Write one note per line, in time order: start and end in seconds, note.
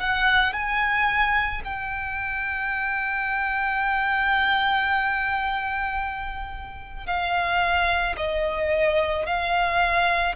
0.00 0.53 F#5
0.53 1.62 G#5
1.65 7.07 G5
7.07 8.16 F5
8.17 9.26 D#5
9.26 10.35 F5